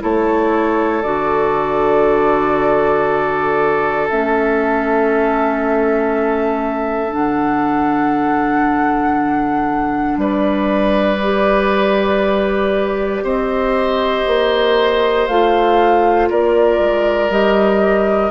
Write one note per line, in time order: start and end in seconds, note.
0.00 1.04 A3
0.00 1.02 E4
0.00 10.20 A4
0.00 1.03 C#5
1.03 4.09 D3
1.03 4.09 F#4
1.03 4.08 D5
4.10 7.12 A3
4.10 7.10 C#4
4.10 7.13 E5
7.10 10.17 D3
7.10 11.17 D4
7.10 10.18 F#5
10.17 13.22 G3
10.17 13.24 B4
10.17 13.24 D5
11.23 15.29 G4
13.23 14.25 C4
13.23 16.29 C5
13.23 15.27 D#5
14.27 15.28 A#3
15.27 16.30 A3
15.27 17.31 F4
15.27 16.29 F5
16.29 16.79 A#3
16.29 18.31 A#4
16.29 17.31 D5
16.79 17.29 G#3
17.29 18.31 G3
17.29 18.31 G4
17.29 18.31 D#5